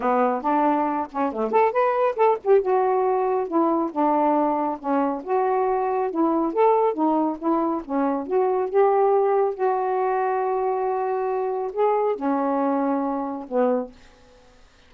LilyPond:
\new Staff \with { instrumentName = "saxophone" } { \time 4/4 \tempo 4 = 138 b4 d'4. cis'8 a8 a'8 | b'4 a'8 g'8 fis'2 | e'4 d'2 cis'4 | fis'2 e'4 a'4 |
dis'4 e'4 cis'4 fis'4 | g'2 fis'2~ | fis'2. gis'4 | cis'2. b4 | }